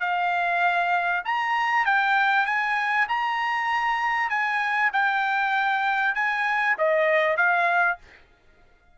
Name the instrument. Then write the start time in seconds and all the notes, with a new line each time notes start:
trumpet
0.00 F5
1.25 A#5
1.85 G5
2.46 G#5
3.08 A#5
4.30 G#5
4.93 G5
6.15 G#5
6.78 D#5
7.37 F5